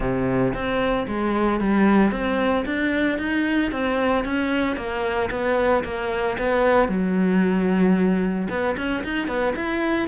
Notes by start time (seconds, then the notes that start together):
0.00 C3
0.53 C4
1.07 G#3
1.60 G3
2.11 C4
2.65 D4
3.18 D#4
3.71 C4
4.25 C#4
4.76 A#3
5.30 B3
5.84 A#3
6.38 B3
6.88 F#3
8.49 B3
8.77 C#4
9.03 D#4
9.27 B3
9.56 E4